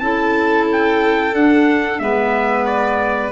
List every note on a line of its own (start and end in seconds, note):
0.00 1.34 C#4
0.00 1.33 E4
0.00 2.02 A4
0.00 0.67 A5
0.72 1.35 G5
1.33 1.99 D4
1.33 2.00 D4
1.33 1.99 F#5
1.99 3.32 G#3
1.99 3.32 B3
1.99 3.32 B4
1.99 2.66 E5
2.67 3.32 D5